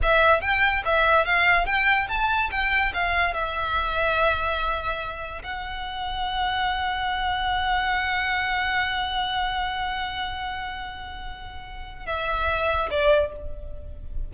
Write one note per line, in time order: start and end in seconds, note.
0.02 0.41 E5
0.41 0.82 G5
0.85 1.25 E5
1.25 1.66 F5
1.66 2.07 G5
2.08 2.50 A5
2.51 2.92 G5
2.93 3.33 F5
3.33 5.42 E5
5.43 12.06 F#5
12.06 12.89 E5
12.90 13.32 D5